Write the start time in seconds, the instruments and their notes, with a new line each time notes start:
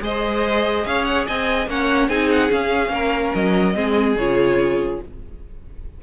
0.00 cello G#3, viola G#4, violin C5 D#5
0.86 cello C#4, violin C#5 F5
1.05 violin F#5
1.27 cello C4, violin D#5 G#5
1.67 cello A#3, viola C#4, violin C#5 F#5
2.09 cello C4, viola D#4, violin G#4 G#5
2.31 violin F#5
2.49 viola C#4, cello C#4, violin F5
2.89 cello A#3, violin A#4
3.34 cello F#3, violin D#5
3.75 cello G#3, viola C4, violin G#4
4.16 cello C#3, viola F4, violin C#5